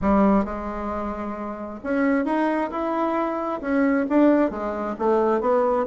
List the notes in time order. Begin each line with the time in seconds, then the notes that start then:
0.01 G3
0.44 G#3
1.83 C#4
2.25 D#4
2.70 E4
3.61 C#4
4.09 D4
4.50 G#3
4.98 A3
5.40 B3